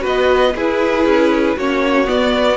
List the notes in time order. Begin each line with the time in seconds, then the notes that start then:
0.00 B3 F#4 B4
0.07 D#5
0.55 E4 G#4 B4
1.05 C#4
1.57 A#3 C#4 F#4 C#5
2.05 B3 D5